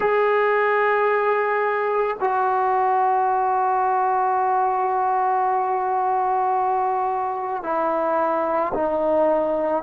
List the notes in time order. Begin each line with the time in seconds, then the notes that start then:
0.00 G#4
2.20 F#4
7.63 E4
8.74 D#4